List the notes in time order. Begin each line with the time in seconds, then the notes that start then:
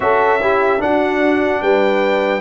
0.00 C#4 F#4 A4 E5
0.41 E4 G4
0.78 D4 F#4 F#5
1.61 G3 B4 G5